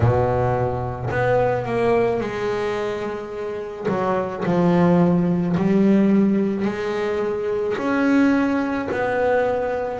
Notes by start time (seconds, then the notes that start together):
0.00 B2
1.10 B3
1.65 A#3
2.20 G#3
3.88 F#3
4.44 F3
5.56 G3
6.65 G#3
7.77 C#4
8.91 B3